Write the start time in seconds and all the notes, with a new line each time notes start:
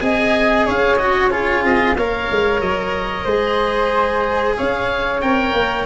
0.00 C4 G#4 D#5 G#5
0.66 C#4 C#5 F5
0.96 F#4 D#5
1.30 F4 G#4 C#5
1.64 C4 D#5
1.95 A#3 A#4 C#5 F5
2.31 G#3
2.61 F#3 D#5
3.24 G#3 G#4 C5
4.57 C#4 C#5 F5
5.21 C4 A#4 G5
5.53 A#3